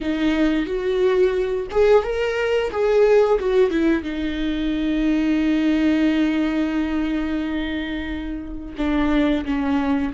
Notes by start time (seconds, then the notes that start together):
0.01 D#4
0.66 F#4
1.71 G#4
2.03 A#4
2.71 G#4
3.39 F#4
3.70 E4
4.03 D#4
8.77 D4
9.45 C#4